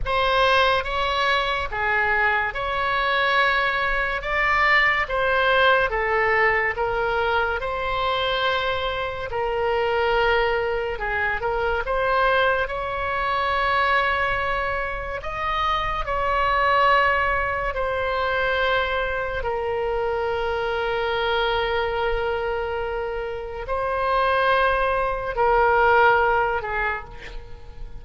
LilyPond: \new Staff \with { instrumentName = "oboe" } { \time 4/4 \tempo 4 = 71 c''4 cis''4 gis'4 cis''4~ | cis''4 d''4 c''4 a'4 | ais'4 c''2 ais'4~ | ais'4 gis'8 ais'8 c''4 cis''4~ |
cis''2 dis''4 cis''4~ | cis''4 c''2 ais'4~ | ais'1 | c''2 ais'4. gis'8 | }